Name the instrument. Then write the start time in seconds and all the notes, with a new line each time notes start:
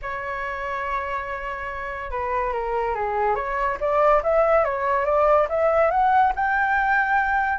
flute
0.01 C#5
2.10 B4
2.52 A#4
2.94 G#4
3.35 C#5
3.80 D5
4.23 E5
4.64 C#5
5.05 D5
5.49 E5
5.90 F#5
6.35 G5